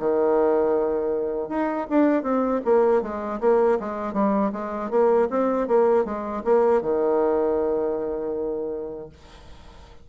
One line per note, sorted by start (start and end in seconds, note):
0.00 1.49 D#3
1.49 1.87 D#4
1.90 2.23 D4
2.23 2.61 C4
2.65 3.02 A#3
3.02 3.40 G#3
3.41 3.79 A#3
3.80 4.14 G#3
4.14 4.52 G3
4.53 4.91 G#3
4.91 5.29 A#3
5.31 5.68 C4
5.68 6.05 A#3
6.05 6.43 G#3
6.45 6.82 A#3
6.82 9.10 D#3